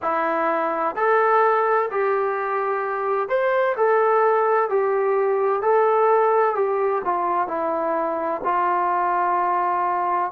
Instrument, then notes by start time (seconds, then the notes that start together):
trombone
0.02 E4
0.95 A4
1.90 G4
3.29 C5
3.76 A4
4.69 G4
5.62 A4
6.55 G4
7.04 F4
7.47 E4
8.44 F4